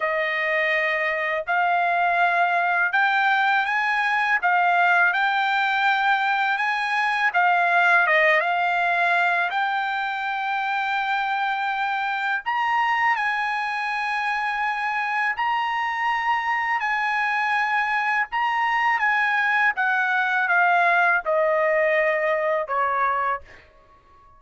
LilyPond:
\new Staff \with { instrumentName = "trumpet" } { \time 4/4 \tempo 4 = 82 dis''2 f''2 | g''4 gis''4 f''4 g''4~ | g''4 gis''4 f''4 dis''8 f''8~ | f''4 g''2.~ |
g''4 ais''4 gis''2~ | gis''4 ais''2 gis''4~ | gis''4 ais''4 gis''4 fis''4 | f''4 dis''2 cis''4 | }